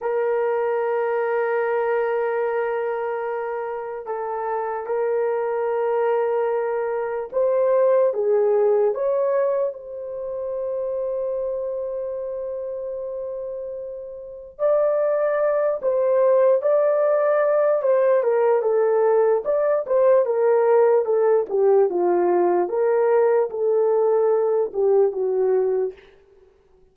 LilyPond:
\new Staff \with { instrumentName = "horn" } { \time 4/4 \tempo 4 = 74 ais'1~ | ais'4 a'4 ais'2~ | ais'4 c''4 gis'4 cis''4 | c''1~ |
c''2 d''4. c''8~ | c''8 d''4. c''8 ais'8 a'4 | d''8 c''8 ais'4 a'8 g'8 f'4 | ais'4 a'4. g'8 fis'4 | }